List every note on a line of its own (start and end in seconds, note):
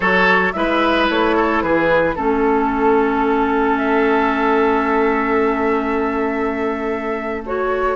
0.00 0.52 F#3
0.00 0.53 F#4
0.00 0.52 A4
0.00 0.52 C#5
0.52 1.09 G#3
0.52 2.16 E4
0.52 1.36 B4
0.52 1.06 E5
1.09 1.62 A3
1.09 1.61 C#5
1.36 1.63 A4
1.61 2.16 E3
1.61 2.15 G#4
1.61 2.16 B4
2.15 7.95 A3
2.15 7.43 C#4
2.15 7.95 A4
2.15 3.77 A4
3.77 7.42 E5
7.45 7.95 F#4
7.45 7.95 C#5